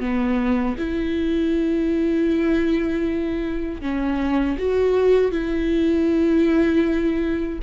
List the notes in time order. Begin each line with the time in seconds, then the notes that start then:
0.00 B3
0.78 E4
3.82 C#4
4.58 F#4
5.32 E4